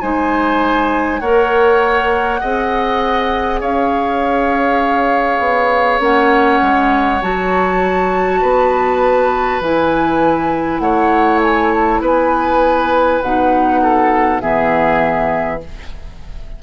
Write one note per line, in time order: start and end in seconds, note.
0.00 1.21 G#3
0.00 1.21 D#4
0.00 1.21 C5
0.00 1.20 G#5
1.20 2.41 A#3
1.20 2.40 A#4
1.20 2.41 C#5
1.20 3.60 F#5
2.40 3.62 C4
2.40 6.00 G#4
2.40 3.60 D#5
3.60 5.39 C#4
3.60 8.40 C#5
3.60 6.01 F5
5.39 5.99 B3
6.00 6.59 A#3
6.00 7.21 C#4
6.00 7.22 F#5
6.61 7.21 G#3
7.21 8.42 F#3
7.21 9.61 F#4
7.21 9.62 A5
8.41 9.60 B3
8.41 10.81 B4
9.60 10.80 E3
9.60 13.24 E4
9.60 10.79 G#5
10.79 12.00 A3
10.79 12.01 C#5
10.79 11.39 F#5
11.42 11.71 G#5
11.71 12.01 A5
12.00 13.20 B3
12.00 13.81 B4
12.00 13.21 G#5
13.21 14.42 B2
13.21 14.41 D#4
13.21 14.40 F#5
13.82 14.42 A4
14.40 15.62 E3
14.40 15.61 B3
14.40 15.62 G#4
14.40 15.60 E5